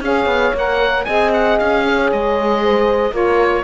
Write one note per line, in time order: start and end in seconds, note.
0.00 0.26 C#4
0.00 0.54 G#4
0.00 1.07 C#5
0.00 0.56 F5
0.26 0.52 B3
0.54 1.05 A#3
0.54 1.08 A#4
0.54 1.05 F#5
1.05 1.60 C4
1.05 3.11 G#4
1.05 1.84 D#5
1.05 1.30 G#5
1.33 1.59 F#5
1.59 2.12 C#4
1.59 2.10 F5
1.86 2.63 C#5
2.12 3.12 G#3
2.12 3.15 D#5
2.63 3.13 C5
3.11 3.63 A#3
3.11 3.63 F4
3.11 3.64 A#4
3.11 3.64 C#5